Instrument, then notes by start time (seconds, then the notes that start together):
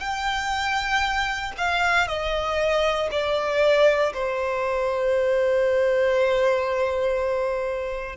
violin
0.00 G5
1.57 F5
2.08 D#5
3.11 D5
4.14 C5